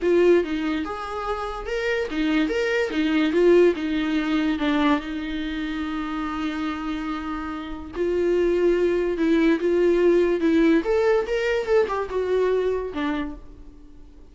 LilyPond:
\new Staff \with { instrumentName = "viola" } { \time 4/4 \tempo 4 = 144 f'4 dis'4 gis'2 | ais'4 dis'4 ais'4 dis'4 | f'4 dis'2 d'4 | dis'1~ |
dis'2. f'4~ | f'2 e'4 f'4~ | f'4 e'4 a'4 ais'4 | a'8 g'8 fis'2 d'4 | }